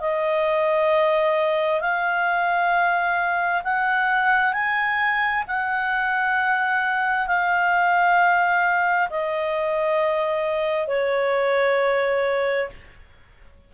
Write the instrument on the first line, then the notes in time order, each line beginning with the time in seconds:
clarinet
0.00 D#5
1.80 F5
3.64 F#5
4.53 G#5
5.48 F#5
7.27 F5
9.10 D#5
10.87 C#5